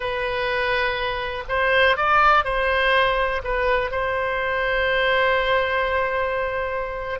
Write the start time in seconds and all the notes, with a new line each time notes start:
0.00 B4
1.48 C5
1.96 D5
2.44 C5
3.44 B4
3.91 C5